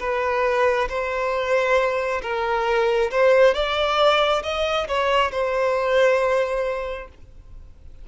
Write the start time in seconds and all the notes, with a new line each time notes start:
0.00 B4
0.89 C5
2.22 A#4
3.11 C5
3.54 D5
4.43 D#5
4.88 C#5
5.32 C5